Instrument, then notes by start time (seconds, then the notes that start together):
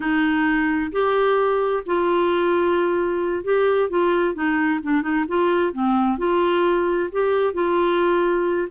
clarinet
0.00 D#4
0.92 G4
1.85 F4
3.44 G4
3.89 F4
4.34 D#4
4.82 D4
5.02 D#4
5.28 F4
5.73 C4
6.17 F4
7.12 G4
7.53 F4